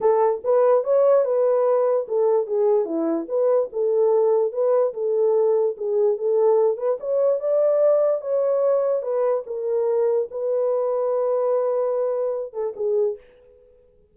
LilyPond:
\new Staff \with { instrumentName = "horn" } { \time 4/4 \tempo 4 = 146 a'4 b'4 cis''4 b'4~ | b'4 a'4 gis'4 e'4 | b'4 a'2 b'4 | a'2 gis'4 a'4~ |
a'8 b'8 cis''4 d''2 | cis''2 b'4 ais'4~ | ais'4 b'2.~ | b'2~ b'8 a'8 gis'4 | }